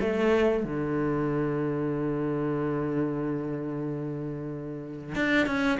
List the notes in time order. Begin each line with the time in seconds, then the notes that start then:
0.00 A3
0.64 D3
5.15 D4
5.46 C#4